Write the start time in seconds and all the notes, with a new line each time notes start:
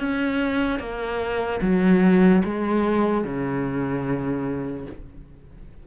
0.00 C#4
0.80 A#3
1.62 F#3
2.45 G#3
3.25 C#3